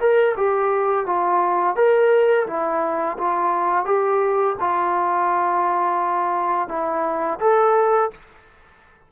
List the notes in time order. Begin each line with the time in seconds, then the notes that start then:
0.00 A#4
0.37 G4
1.06 F4
1.76 A#4
2.47 E4
3.18 F4
3.86 G4
4.60 F4
6.69 E4
7.40 A4